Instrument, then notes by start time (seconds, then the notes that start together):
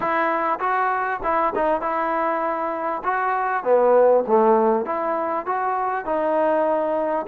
trombone
0.00 E4
0.59 F#4
1.23 E4
1.55 D#4
1.81 E4
3.04 F#4
3.63 B3
4.27 A3
4.85 E4
5.46 F#4
6.05 D#4